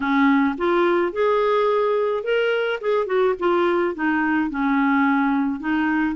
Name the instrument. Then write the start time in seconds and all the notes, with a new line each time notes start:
clarinet
0.00 C#4
0.57 F4
1.12 G#4
2.23 A#4
2.80 G#4
3.06 F#4
3.39 F4
3.94 D#4
4.49 C#4
5.60 D#4